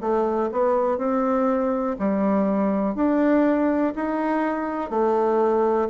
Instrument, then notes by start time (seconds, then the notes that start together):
bassoon
0.00 A3
0.51 B3
0.97 C4
1.99 G3
2.95 D4
3.95 D#4
4.90 A3